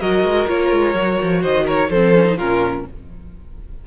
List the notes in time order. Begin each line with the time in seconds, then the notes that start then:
0.00 F#3 F#4 A#4 D#5
0.23 G#3
0.47 A#3 F4 C#5
0.71 G#3
0.94 F#3 F#4
1.21 F3
1.41 D#3 C5 D#5
1.65 A#4 C#5
1.90 F3 C4 A4 C5
2.15 C#4
2.24 D#4
2.37 A#2 C#4 F4 A#4